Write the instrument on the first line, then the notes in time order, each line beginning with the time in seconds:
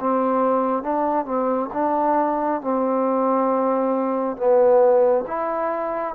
trombone
0.00 C4
0.83 D4
1.26 C4
1.73 D4
2.61 C4
4.37 B3
5.27 E4